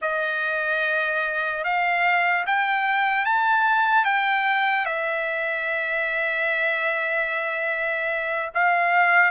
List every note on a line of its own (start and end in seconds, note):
0.01 1.64 D#5
1.64 2.45 F5
2.46 3.25 G5
3.25 4.04 A5
4.04 4.85 G5
4.85 8.50 E5
8.54 9.30 F5